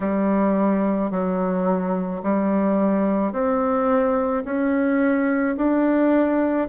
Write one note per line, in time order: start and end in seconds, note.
0.00 1.11 G3
1.11 2.22 F#3
2.22 3.32 G3
3.32 4.43 C4
4.44 5.56 C#4
5.57 6.68 D4